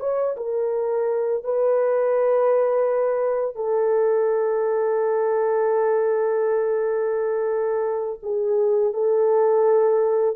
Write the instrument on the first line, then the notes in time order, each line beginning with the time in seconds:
horn
0.00 C#5
0.37 A#4
1.44 B4
3.56 A4
8.23 G#4
8.94 A4